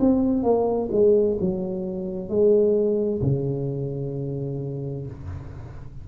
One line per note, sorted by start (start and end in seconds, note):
0.00 0.43 C4
0.43 0.89 A#3
0.91 1.38 G#3
1.40 2.29 F#3
2.29 3.21 G#3
3.22 5.06 C#3